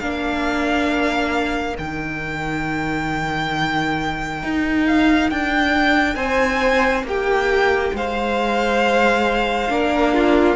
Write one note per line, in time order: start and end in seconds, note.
0.00 1.78 A#3
0.00 1.74 D4
0.00 6.17 A#4
0.00 1.76 F5
1.74 4.43 D#3
1.74 9.68 D#4
1.74 4.87 G5
4.43 5.31 D#4
4.87 5.31 F5
5.31 6.16 D4
5.31 6.16 G5
6.16 7.04 C4
6.16 7.05 C5
6.16 7.04 G#5
7.04 7.92 A#3
7.04 7.96 G4
7.04 7.97 G5
7.94 9.69 G#3
7.94 9.72 C5
7.94 10.56 F5
9.69 10.56 A#3
9.69 10.56 D4
9.69 10.14 A#4
10.14 10.56 F4